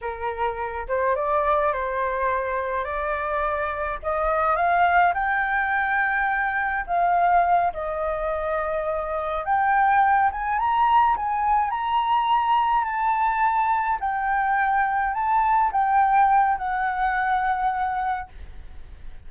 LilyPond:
\new Staff \with { instrumentName = "flute" } { \time 4/4 \tempo 4 = 105 ais'4. c''8 d''4 c''4~ | c''4 d''2 dis''4 | f''4 g''2. | f''4. dis''2~ dis''8~ |
dis''8 g''4. gis''8 ais''4 gis''8~ | gis''8 ais''2 a''4.~ | a''8 g''2 a''4 g''8~ | g''4 fis''2. | }